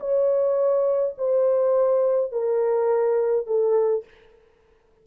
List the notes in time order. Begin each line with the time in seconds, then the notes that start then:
0.00 C#5
1.18 C5
2.32 A#4
3.47 A4